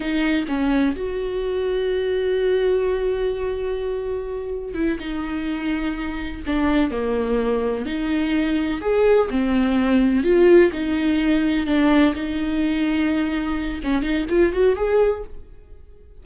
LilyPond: \new Staff \with { instrumentName = "viola" } { \time 4/4 \tempo 4 = 126 dis'4 cis'4 fis'2~ | fis'1~ | fis'2 e'8 dis'4.~ | dis'4. d'4 ais4.~ |
ais8 dis'2 gis'4 c'8~ | c'4. f'4 dis'4.~ | dis'8 d'4 dis'2~ dis'8~ | dis'4 cis'8 dis'8 f'8 fis'8 gis'4 | }